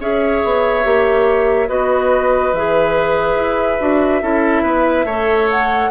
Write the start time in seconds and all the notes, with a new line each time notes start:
0.00 C#4 G#4 C#5 E5
0.45 B3
0.84 A#3 G4
1.68 B3 F#4 B4 D#5
2.53 E3 G#4 E5
3.35 E4
3.80 D4 F#4
4.22 C#4 E4 A4
4.63 B3 B4
5.05 A3 A4 C#5
5.50 F#5